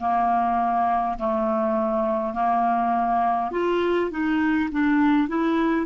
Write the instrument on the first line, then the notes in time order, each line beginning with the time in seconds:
clarinet
0.00 A#3
1.19 A3
2.34 A#3
3.52 F4
4.11 D#4
4.72 D4
5.29 E4